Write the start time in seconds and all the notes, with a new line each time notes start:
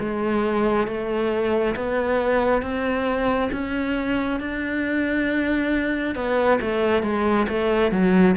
0.00 G#3
0.87 A3
1.76 B3
2.62 C4
3.52 C#4
4.40 D4
6.16 B3
6.62 A3
7.03 G#3
7.49 A3
7.92 F#3